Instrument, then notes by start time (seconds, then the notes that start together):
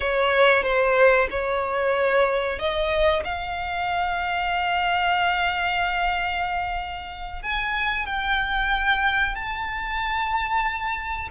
violin
0.00 C#5
0.63 C5
1.30 C#5
2.58 D#5
3.24 F5
7.42 G#5
8.06 G5
9.35 A5